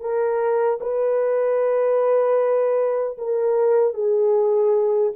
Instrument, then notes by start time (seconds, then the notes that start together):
horn
0.00 A#4
0.80 B4
3.18 A#4
3.94 G#4